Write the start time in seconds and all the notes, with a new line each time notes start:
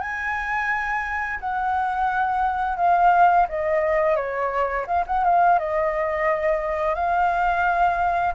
0.00 G#5
1.40 F#5
2.77 F5
3.49 D#5
4.16 C#5
4.87 F5
5.07 F#5
5.24 F5
5.59 D#5
6.95 F5